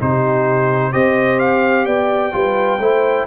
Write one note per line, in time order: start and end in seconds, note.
0.00 0.95 C3
0.00 0.93 D#4
0.00 0.93 G4
0.00 0.93 C5
0.93 1.87 C4
0.93 2.32 G4
0.93 1.86 C5
0.93 1.40 D#5
1.40 1.86 F5
1.86 2.33 B3
1.86 2.33 D5
1.86 3.27 G5
2.32 2.79 G3
2.32 2.79 F4
2.32 2.80 B4
2.79 3.26 A3
2.79 3.28 E4
2.79 3.27 C5